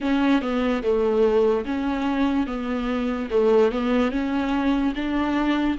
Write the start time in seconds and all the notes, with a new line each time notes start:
0.00 C#4
0.41 B3
0.82 A3
1.65 C#4
2.47 B3
3.30 A3
3.71 B3
4.11 C#4
4.95 D4